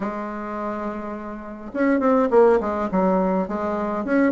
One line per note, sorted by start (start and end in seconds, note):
0.00 1.71 G#3
1.73 2.00 C#4
2.00 2.28 C4
2.30 2.59 A#3
2.60 2.89 G#3
2.91 3.48 F#3
3.48 4.04 G#3
4.04 4.32 C#4